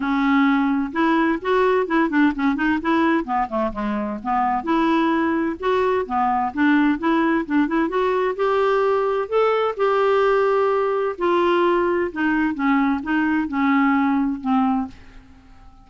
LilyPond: \new Staff \with { instrumentName = "clarinet" } { \time 4/4 \tempo 4 = 129 cis'2 e'4 fis'4 | e'8 d'8 cis'8 dis'8 e'4 b8 a8 | gis4 b4 e'2 | fis'4 b4 d'4 e'4 |
d'8 e'8 fis'4 g'2 | a'4 g'2. | f'2 dis'4 cis'4 | dis'4 cis'2 c'4 | }